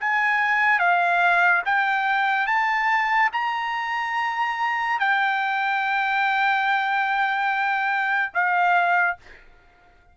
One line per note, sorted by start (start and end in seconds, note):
0.00 0.79 G#5
0.79 1.62 F5
1.65 2.46 G5
2.46 3.30 A5
3.33 4.99 A#5
4.99 8.33 G5
8.34 9.17 F5